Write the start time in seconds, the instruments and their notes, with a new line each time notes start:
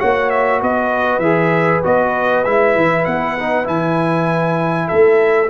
0.00 tuba A#3, trombone F#4, horn C#5, trumpet F#5
0.30 trumpet E5
0.61 tuba B3, horn B4, trumpet D#5
1.19 tuba E3, trombone G#4, trumpet E5
1.84 tuba B3, trombone F#4, trumpet D#5
2.45 tuba G#3, trombone E4, trumpet E5
2.76 tuba E3
3.05 tuba B3, trumpet F#5
3.39 trombone D#4
3.64 tuba E3, trombone E4, trumpet G#5
4.88 tuba A3, horn A4, trumpet E5